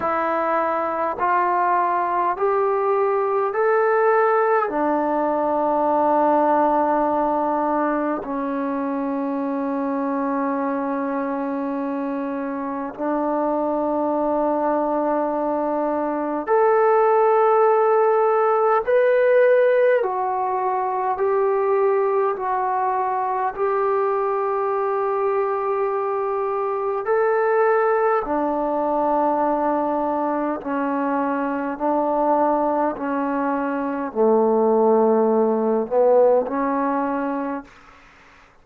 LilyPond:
\new Staff \with { instrumentName = "trombone" } { \time 4/4 \tempo 4 = 51 e'4 f'4 g'4 a'4 | d'2. cis'4~ | cis'2. d'4~ | d'2 a'2 |
b'4 fis'4 g'4 fis'4 | g'2. a'4 | d'2 cis'4 d'4 | cis'4 a4. b8 cis'4 | }